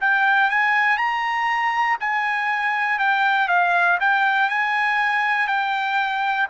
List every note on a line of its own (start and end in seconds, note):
0.00 0.50 G5
0.50 0.97 G#5
0.97 1.97 A#5
2.00 2.99 G#5
2.99 3.48 G5
3.48 3.98 F5
4.00 4.49 G5
4.49 5.47 G#5
5.47 6.47 G5